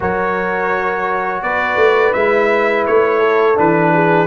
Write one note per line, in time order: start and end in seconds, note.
0.00 1.42 F#3
0.00 2.14 F#4
0.00 1.43 A#4
0.00 1.42 C#5
1.42 1.76 B3
1.42 3.19 B4
1.42 2.13 D5
1.76 2.12 A3
2.13 2.86 G#3
2.13 3.55 E4
2.13 2.84 E5
2.86 3.58 A3
2.86 3.57 C#5
3.19 3.91 A4
3.55 4.27 E3
3.55 4.26 D4
3.55 4.27 B4
3.93 4.27 G#4